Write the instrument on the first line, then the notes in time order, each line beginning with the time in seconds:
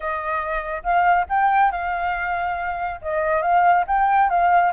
flute
0.00 D#5
0.83 F5
1.29 G5
1.71 F5
3.01 D#5
3.42 F5
3.87 G5
4.29 F5